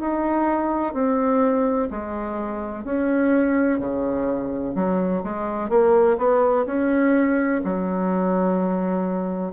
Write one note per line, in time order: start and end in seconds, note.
0.00 0.94 D#4
0.94 1.89 C4
1.90 2.84 G#3
2.84 3.79 C#4
3.79 4.74 C#3
4.75 5.23 F#3
5.24 5.70 G#3
5.70 6.17 A#3
6.18 6.65 B3
6.66 7.61 C#4
7.65 9.53 F#3